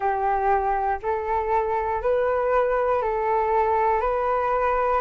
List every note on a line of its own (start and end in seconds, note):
0.00 0.99 G4
1.02 2.01 A4
2.01 3.01 B4
3.01 4.00 A4
4.00 5.00 B4